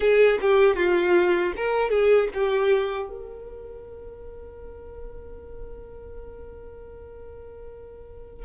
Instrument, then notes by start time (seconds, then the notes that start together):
violin
0.00 G#4
0.41 G4
0.76 F4
1.56 A#4
1.90 G#4
2.34 G4
3.09 A#4